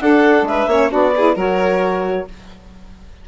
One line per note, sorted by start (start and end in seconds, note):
0.00 0.42 D4
0.00 0.69 D4
0.00 0.47 A4
0.00 0.45 F#5
0.42 0.65 G#3
0.42 0.91 E5
0.48 0.69 B4
0.67 0.89 A#3
0.67 0.89 C#4
0.67 0.91 C#5
0.89 1.35 B3
0.89 1.12 D4
0.89 1.14 F#4
0.89 1.37 D5
1.15 1.36 E4
1.15 1.35 G#4
1.35 2.26 F#3
1.35 2.27 F#4
1.35 2.26 A#4
1.35 2.28 C#5